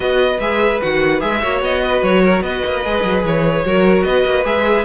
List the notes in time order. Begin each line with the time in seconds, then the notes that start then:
0.00 B3 F#4 B4 D#5
0.39 G#3 G#4 E5
0.82 D#3 F#4 F#5
1.20 G#3 G#4 E5
1.41 A#3 F#4 C#5
1.61 B3 D#5
1.82 B4
2.01 F#3 C#5
2.23 A#4
2.41 B3 B4 D#5
2.65 A#3
2.84 G#3 G#4
3.03 F#3
3.23 E3 C#5
3.65 F#3 F#4 A#4
4.03 B3 B4 D#5
4.25 A#3
4.44 G#3 G#4 E5